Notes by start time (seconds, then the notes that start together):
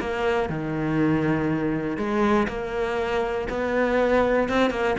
0.00 A#3
0.49 D#3
1.97 G#3
2.48 A#3
3.49 B3
4.49 C4
4.71 A#3